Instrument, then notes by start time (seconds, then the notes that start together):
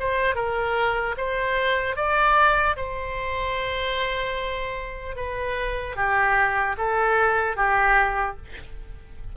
oboe
0.00 C5
0.36 A#4
1.18 C5
1.96 D5
2.77 C5
5.16 B4
5.96 G4
6.78 A4
7.57 G4